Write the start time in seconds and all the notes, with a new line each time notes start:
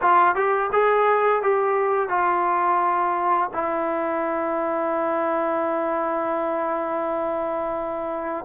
0.01 F4
0.35 G4
0.72 G#4
1.42 G4
2.08 F4
3.53 E4